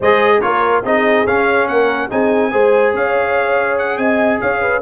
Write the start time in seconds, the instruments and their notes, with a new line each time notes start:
0.00 tuba G#3, trombone G#4, horn C5, trumpet D#5
0.41 tuba A#3, trombone F4, horn A#4, trumpet C#5
0.84 tuba C4, trombone D#4, horn G#4, trumpet D#5
1.26 tuba C#4, trombone C#4, trumpet F5
1.67 tuba A#3, horn A#4, trumpet F#5
2.10 tuba C4, trombone D#4, horn G#4, trumpet G#5
2.51 tuba G#3, trombone G#4, horn C5
2.93 tuba C#4, horn C#5, trumpet F5
3.78 trumpet F#5
3.97 tuba C4, horn D#5, trumpet G#5
4.40 tuba C#4, horn C#5, trumpet F5
4.61 horn B4